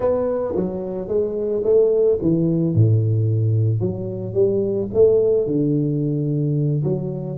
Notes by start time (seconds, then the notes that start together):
0.00 B3
0.56 F#3
1.08 G#3
1.63 A3
2.21 E3
2.74 A2
3.80 F#3
4.33 G3
4.93 A3
5.47 D3
6.83 F#3